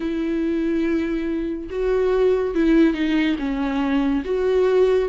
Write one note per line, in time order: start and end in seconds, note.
0.00 1.69 E4
1.70 2.54 F#4
2.54 2.93 E4
2.93 3.36 D#4
3.38 4.23 C#4
4.24 5.08 F#4